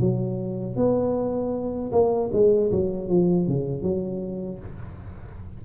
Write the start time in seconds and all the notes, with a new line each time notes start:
0.00 F#3
0.76 B3
1.91 A#3
2.32 G#3
2.71 F#3
3.08 F3
3.47 C#3
3.82 F#3